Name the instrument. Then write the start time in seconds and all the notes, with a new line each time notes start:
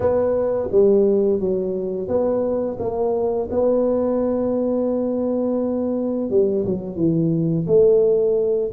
tuba
0.00 B3
0.71 G3
1.40 F#3
2.07 B3
2.79 A#3
3.51 B3
6.30 G3
6.65 F#3
6.95 E3
7.66 A3